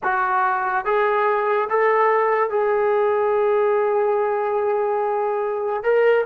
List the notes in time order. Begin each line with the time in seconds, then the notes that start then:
0.03 F#4
0.85 G#4
1.69 A4
2.50 G#4
5.83 A#4